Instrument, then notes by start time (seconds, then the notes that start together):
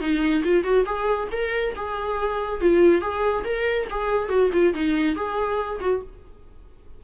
viola
0.00 D#4
0.44 F4
0.63 F#4
0.86 G#4
1.32 A#4
1.76 G#4
2.61 F4
3.01 G#4
3.44 A#4
3.90 G#4
4.29 F#4
4.53 F4
4.74 D#4
5.15 G#4
5.81 F#4